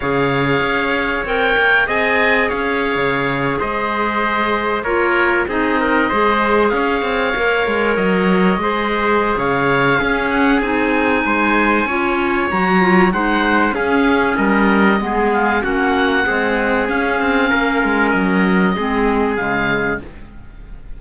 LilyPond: <<
  \new Staff \with { instrumentName = "oboe" } { \time 4/4 \tempo 4 = 96 f''2 g''4 gis''4 | f''4.~ f''16 dis''2 cis''16~ | cis''8. dis''2 f''4~ f''16~ | f''8. dis''2~ dis''16 f''4~ |
f''8 fis''8 gis''2. | ais''4 fis''4 f''4 dis''4~ | dis''8 f''8 fis''2 f''4~ | f''4 dis''2 f''4 | }
  \new Staff \with { instrumentName = "trumpet" } { \time 4/4 cis''2. dis''4 | cis''4.~ cis''16 c''2 ais'16~ | ais'8. gis'8 ais'8 c''4 cis''4~ cis''16~ | cis''4.~ cis''16 c''4~ c''16 cis''4 |
gis'2 c''4 cis''4~ | cis''4 c''4 gis'4 ais'4 | gis'4 fis'4 gis'2 | ais'2 gis'2 | }
  \new Staff \with { instrumentName = "clarinet" } { \time 4/4 gis'2 ais'4 gis'4~ | gis'2.~ gis'8. f'16~ | f'8. dis'4 gis'2 ais'16~ | ais'4.~ ais'16 gis'2~ gis'16 |
cis'4 dis'2 f'4 | fis'8 f'8 dis'4 cis'2 | b4 cis'4 gis4 cis'4~ | cis'2 c'4 gis4 | }
  \new Staff \with { instrumentName = "cello" } { \time 4/4 cis4 cis'4 c'8 ais8 c'4 | cis'8. cis4 gis2 ais16~ | ais8. c'4 gis4 cis'8 c'8 ais16~ | ais16 gis8 fis4 gis4~ gis16 cis4 |
cis'4 c'4 gis4 cis'4 | fis4 gis4 cis'4 g4 | gis4 ais4 c'4 cis'8 c'8 | ais8 gis8 fis4 gis4 cis4 | }
>>